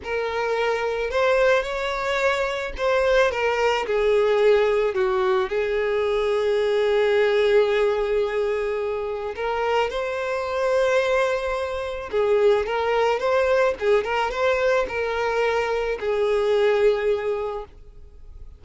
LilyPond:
\new Staff \with { instrumentName = "violin" } { \time 4/4 \tempo 4 = 109 ais'2 c''4 cis''4~ | cis''4 c''4 ais'4 gis'4~ | gis'4 fis'4 gis'2~ | gis'1~ |
gis'4 ais'4 c''2~ | c''2 gis'4 ais'4 | c''4 gis'8 ais'8 c''4 ais'4~ | ais'4 gis'2. | }